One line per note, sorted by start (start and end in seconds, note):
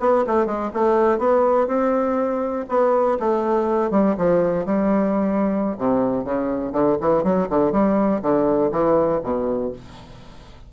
0.00 0.25 B3
0.26 0.46 A3
0.46 0.70 G#3
0.73 1.18 A3
1.18 1.67 B3
1.67 2.65 C4
2.68 3.18 B3
3.19 3.91 A3
3.91 4.15 G3
4.17 4.66 F3
4.66 5.76 G3
5.78 6.24 C3
6.24 6.72 C#3
6.72 6.97 D3
7.01 7.23 E3
7.23 7.48 F#3
7.49 7.72 D3
7.72 8.21 G3
8.22 8.71 D3
8.71 9.21 E3
9.23 9.72 B2